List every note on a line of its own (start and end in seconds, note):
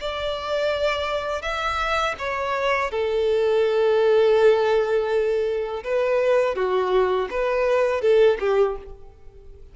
0.00 1.42 D5
1.42 2.15 E5
2.19 2.91 C#5
2.91 5.83 A4
5.84 6.55 B4
6.55 7.28 F#4
7.30 8.01 B4
8.01 8.38 A4
8.39 8.76 G4